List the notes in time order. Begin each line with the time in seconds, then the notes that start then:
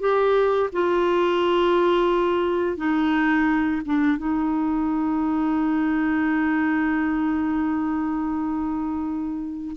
0.00 G4
0.73 F4
2.77 D#4
3.86 D4
4.18 D#4